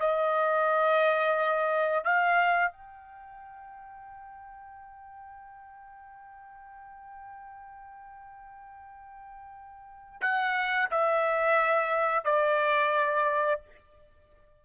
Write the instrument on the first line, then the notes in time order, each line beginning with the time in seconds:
trumpet
0.00 D#5
2.04 F5
2.72 G5
10.21 F#5
10.91 E5
12.25 D5